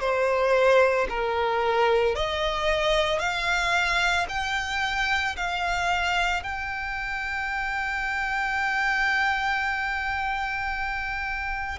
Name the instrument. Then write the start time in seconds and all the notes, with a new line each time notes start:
violin
0.00 C5
1.10 A#4
2.15 D#5
3.19 F5
4.29 G5
5.37 F5
6.43 G5